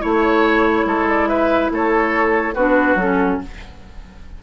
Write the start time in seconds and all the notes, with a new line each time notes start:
0.00 A3 E4 C#5
0.85 G#3 A4
1.09 D5
1.28 B4 E5
1.71 A3 A4 C#5
2.54 B3 D4 F#4 B4
2.95 F#3 C#4 A4